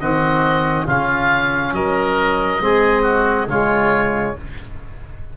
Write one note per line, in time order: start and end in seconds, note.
0.00 0.87 D#3
0.00 0.88 C4
0.00 0.86 F#4
0.00 0.87 D#5
0.86 1.73 C#3
0.86 2.61 C#4
0.86 1.73 F4
0.86 1.75 F5
1.73 2.60 F#3
1.73 2.62 A#4
1.73 3.49 D#5
2.61 3.48 G#3
2.61 3.48 C4
2.61 3.03 G#4
3.03 3.47 F#4
3.48 4.35 C#3
3.48 4.38 G#3
3.48 4.37 F4
3.48 4.37 C#5